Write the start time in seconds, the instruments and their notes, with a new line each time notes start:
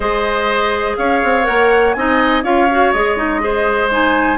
0.00 bassoon G#3, clarinet G#4, oboe C5, flute D#5
0.97 bassoon C#4, oboe C#5, flute F5
1.23 bassoon C4
1.43 bassoon A#3, clarinet A#4, flute F#5
1.93 bassoon C4, clarinet D#4, oboe D#5, flute G#5
2.43 bassoon C#4, clarinet F4, oboe C#5, flute F5
2.70 clarinet F#4
2.91 bassoon G#3, clarinet G#4, flute D#5
3.17 clarinet D#4
3.40 clarinet G#4, oboe C5
3.91 clarinet D#4, flute G#5